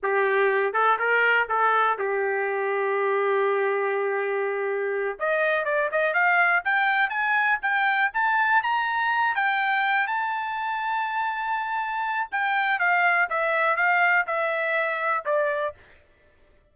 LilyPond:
\new Staff \with { instrumentName = "trumpet" } { \time 4/4 \tempo 4 = 122 g'4. a'8 ais'4 a'4 | g'1~ | g'2~ g'8 dis''4 d''8 | dis''8 f''4 g''4 gis''4 g''8~ |
g''8 a''4 ais''4. g''4~ | g''8 a''2.~ a''8~ | a''4 g''4 f''4 e''4 | f''4 e''2 d''4 | }